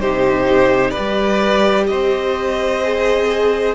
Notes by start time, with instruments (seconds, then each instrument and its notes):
0.00 cello C3, viola D#4, violin G4 C5
0.91 violin B4 D5
0.97 cello G3, viola G4
1.87 cello C4, violin C5 D#5
2.83 viola G#4